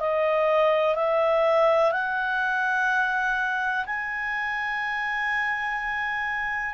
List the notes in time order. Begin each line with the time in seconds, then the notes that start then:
0.00 D#5
0.95 E5
1.92 F#5
3.86 G#5